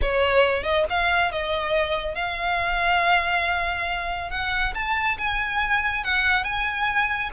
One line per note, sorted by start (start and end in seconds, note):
0.01 0.63 C#5
0.63 0.84 D#5
0.89 1.31 F5
1.31 2.15 D#5
2.15 4.30 F5
4.30 4.73 F#5
4.74 5.17 A5
5.17 6.04 G#5
6.04 6.43 F#5
6.43 7.30 G#5